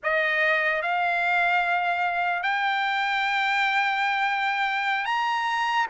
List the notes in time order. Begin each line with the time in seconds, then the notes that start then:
0.03 D#5
0.81 F5
2.43 G5
5.05 A#5